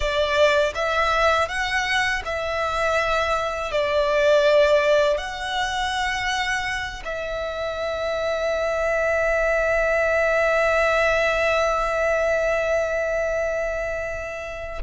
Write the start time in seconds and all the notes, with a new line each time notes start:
0.00 D5
0.74 E5
1.48 F#5
2.25 E5
3.71 D5
5.17 F#5
7.04 E5